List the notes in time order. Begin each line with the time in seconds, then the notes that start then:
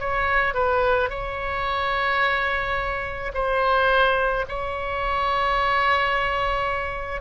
0.00 C#5
0.54 B4
1.10 C#5
3.34 C5
4.48 C#5